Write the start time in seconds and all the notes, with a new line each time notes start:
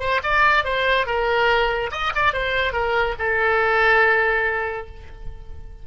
0.00 C5
0.23 D5
0.65 C5
1.07 A#4
1.92 D#5
2.15 D5
2.34 C5
2.73 A#4
3.19 A4